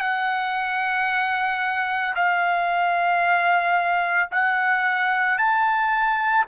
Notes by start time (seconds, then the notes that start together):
0.00 F#5
2.15 F5
4.31 F#5
5.38 A5